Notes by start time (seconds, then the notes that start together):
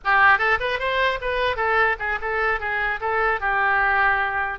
0.04 G4
0.38 A4
0.59 B4
0.79 C5
1.21 B4
1.56 A4
1.99 G#4
2.21 A4
2.59 G#4
3.00 A4
3.40 G4